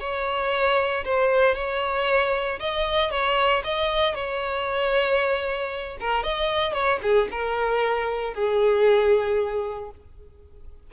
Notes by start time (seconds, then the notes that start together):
0.00 C#5
1.05 C5
1.55 C#5
2.60 D#5
3.11 C#5
3.64 D#5
4.15 C#5
6.00 A#4
6.23 D#5
6.73 C#5
7.02 G#4
7.32 A#4
8.34 G#4